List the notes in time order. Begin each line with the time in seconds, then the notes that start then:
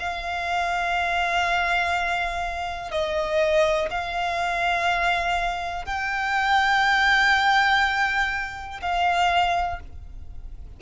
0.00 F5
2.92 D#5
3.91 F5
5.86 G5
8.82 F5